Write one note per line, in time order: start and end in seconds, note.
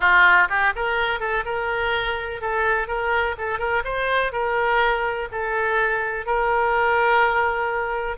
0.00 0.48 F4
0.49 0.73 G4
0.75 1.20 A#4
1.20 1.44 A4
1.45 2.41 A#4
2.41 2.87 A4
2.87 3.35 A#4
3.38 3.58 A4
3.58 3.82 A#4
3.84 4.32 C5
4.32 5.28 A#4
5.31 6.26 A4
6.26 8.17 A#4